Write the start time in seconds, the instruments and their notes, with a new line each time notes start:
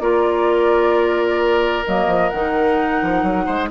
0.00 bassoon A#3, clarinet F4, oboe A#4, flute D5
1.85 bassoon F#3, clarinet A#3, flute D#5
2.07 bassoon F3
2.29 bassoon D#3, clarinet D#4, flute F#5
3.02 bassoon F3
3.23 bassoon F#3
3.46 bassoon G#3, oboe C5